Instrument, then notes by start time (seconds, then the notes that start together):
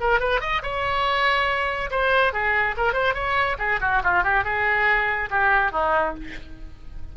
oboe
0.00 A#4
0.20 B4
0.41 D#5
0.62 C#5
1.91 C5
2.33 G#4
2.77 A#4
2.93 C5
3.14 C#5
3.59 G#4
3.81 F#4
4.03 F4
4.23 G4
4.44 G#4
5.30 G4
5.72 D#4